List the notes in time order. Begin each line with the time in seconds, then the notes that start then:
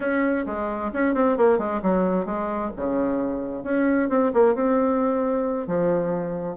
0.00 C#4
0.45 G#3
0.93 C#4
1.14 C4
1.37 A#3
1.58 G#3
1.82 F#3
2.25 G#3
2.76 C#3
3.63 C#4
4.09 C4
4.33 A#3
4.55 C4
5.67 F3